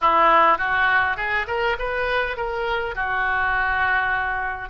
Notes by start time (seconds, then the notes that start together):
0.01 E4
0.58 F#4
1.17 G#4
1.47 A#4
1.79 B4
2.37 A#4
2.95 F#4